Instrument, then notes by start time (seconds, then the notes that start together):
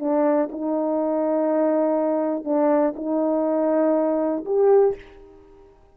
horn
0.00 D4
0.52 D#4
2.45 D4
2.96 D#4
4.46 G4